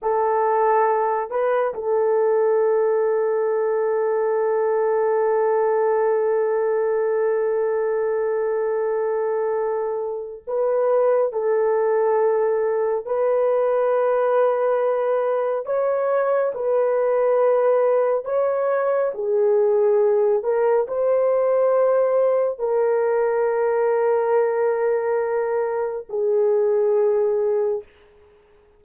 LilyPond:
\new Staff \with { instrumentName = "horn" } { \time 4/4 \tempo 4 = 69 a'4. b'8 a'2~ | a'1~ | a'1 | b'4 a'2 b'4~ |
b'2 cis''4 b'4~ | b'4 cis''4 gis'4. ais'8 | c''2 ais'2~ | ais'2 gis'2 | }